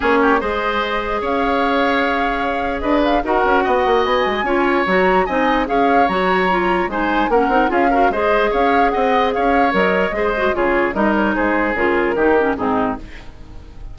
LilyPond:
<<
  \new Staff \with { instrumentName = "flute" } { \time 4/4 \tempo 4 = 148 cis''4 dis''2 f''4~ | f''2. dis''8 f''8 | fis''2 gis''2 | ais''4 gis''4 f''4 ais''4~ |
ais''4 gis''4 fis''4 f''4 | dis''4 f''4 fis''4 f''4 | dis''2 cis''4 dis''8 cis''8 | c''4 ais'2 gis'4 | }
  \new Staff \with { instrumentName = "oboe" } { \time 4/4 gis'8 g'8 c''2 cis''4~ | cis''2. b'4 | ais'4 dis''2 cis''4~ | cis''4 dis''4 cis''2~ |
cis''4 c''4 ais'4 gis'8 ais'8 | c''4 cis''4 dis''4 cis''4~ | cis''4 c''4 gis'4 ais'4 | gis'2 g'4 dis'4 | }
  \new Staff \with { instrumentName = "clarinet" } { \time 4/4 cis'4 gis'2.~ | gis'1 | fis'2. f'4 | fis'4 dis'4 gis'4 fis'4 |
f'4 dis'4 cis'8 dis'8 f'8 fis'8 | gis'1 | ais'4 gis'8 fis'8 f'4 dis'4~ | dis'4 f'4 dis'8 cis'8 c'4 | }
  \new Staff \with { instrumentName = "bassoon" } { \time 4/4 ais4 gis2 cis'4~ | cis'2. d'4 | dis'8 cis'8 b8 ais8 b8 gis8 cis'4 | fis4 c'4 cis'4 fis4~ |
fis4 gis4 ais8 c'8 cis'4 | gis4 cis'4 c'4 cis'4 | fis4 gis4 cis4 g4 | gis4 cis4 dis4 gis,4 | }
>>